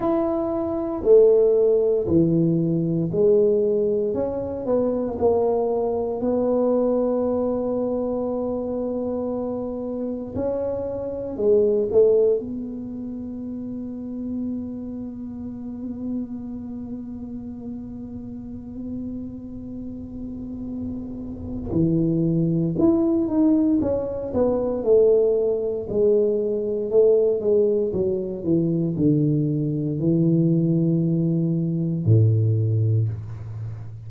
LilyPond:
\new Staff \with { instrumentName = "tuba" } { \time 4/4 \tempo 4 = 58 e'4 a4 e4 gis4 | cis'8 b8 ais4 b2~ | b2 cis'4 gis8 a8 | b1~ |
b1~ | b4 e4 e'8 dis'8 cis'8 b8 | a4 gis4 a8 gis8 fis8 e8 | d4 e2 a,4 | }